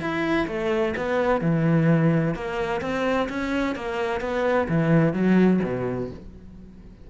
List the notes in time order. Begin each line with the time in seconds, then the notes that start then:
0.00 E4
0.48 A3
0.96 B3
1.41 E3
2.35 A#3
2.81 C4
3.29 C#4
3.75 A#3
4.21 B3
4.69 E3
5.13 F#3
5.63 B2